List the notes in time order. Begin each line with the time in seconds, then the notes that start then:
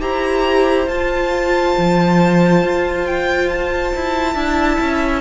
0.00 E4 G4 C5 A#5
0.87 F4 A5
1.77 F3
2.62 F4
3.06 G5
3.49 A5
3.95 E4
4.34 D4 E4 E5
4.80 C#4